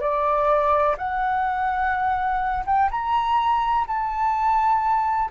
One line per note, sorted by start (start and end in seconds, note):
0.00 0.95 D5
0.97 2.64 F#5
2.66 2.90 G5
2.91 3.86 A#5
3.87 5.30 A5